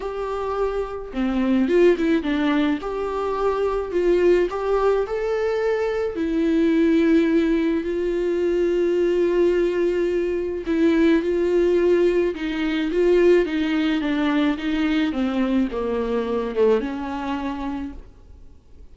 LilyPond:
\new Staff \with { instrumentName = "viola" } { \time 4/4 \tempo 4 = 107 g'2 c'4 f'8 e'8 | d'4 g'2 f'4 | g'4 a'2 e'4~ | e'2 f'2~ |
f'2. e'4 | f'2 dis'4 f'4 | dis'4 d'4 dis'4 c'4 | ais4. a8 cis'2 | }